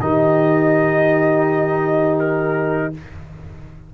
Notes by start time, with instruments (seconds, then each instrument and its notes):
0.00 tuba D#3, trombone D#4, horn G4, trumpet D#5
2.19 trumpet A#4